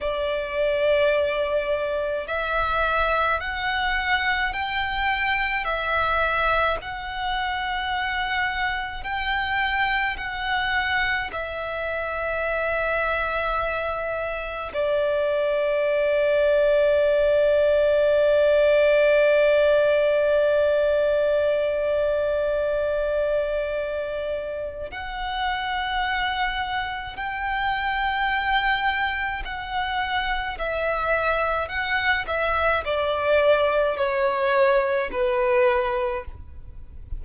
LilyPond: \new Staff \with { instrumentName = "violin" } { \time 4/4 \tempo 4 = 53 d''2 e''4 fis''4 | g''4 e''4 fis''2 | g''4 fis''4 e''2~ | e''4 d''2.~ |
d''1~ | d''2 fis''2 | g''2 fis''4 e''4 | fis''8 e''8 d''4 cis''4 b'4 | }